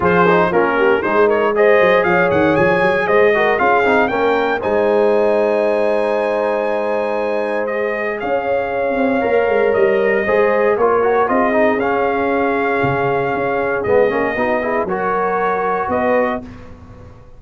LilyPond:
<<
  \new Staff \with { instrumentName = "trumpet" } { \time 4/4 \tempo 4 = 117 c''4 ais'4 c''8 cis''8 dis''4 | f''8 fis''8 gis''4 dis''4 f''4 | g''4 gis''2.~ | gis''2. dis''4 |
f''2. dis''4~ | dis''4 cis''4 dis''4 f''4~ | f''2. dis''4~ | dis''4 cis''2 dis''4 | }
  \new Staff \with { instrumentName = "horn" } { \time 4/4 gis'4 f'8 g'8 gis'8 ais'8 c''4 | cis''2 c''8 ais'8 gis'4 | ais'4 c''2.~ | c''1 |
cis''1 | c''4 ais'4 gis'2~ | gis'1 | fis'8 gis'8 ais'2 b'4 | }
  \new Staff \with { instrumentName = "trombone" } { \time 4/4 f'8 dis'8 cis'4 dis'4 gis'4~ | gis'2~ gis'8 fis'8 f'8 dis'8 | cis'4 dis'2.~ | dis'2. gis'4~ |
gis'2 ais'2 | gis'4 f'8 fis'8 f'8 dis'8 cis'4~ | cis'2. b8 cis'8 | dis'8 e'8 fis'2. | }
  \new Staff \with { instrumentName = "tuba" } { \time 4/4 f4 ais4 gis4. fis8 | f8 dis8 f8 fis8 gis4 cis'8 c'8 | ais4 gis2.~ | gis1 |
cis'4. c'8 ais8 gis8 g4 | gis4 ais4 c'4 cis'4~ | cis'4 cis4 cis'4 gis8 ais8 | b4 fis2 b4 | }
>>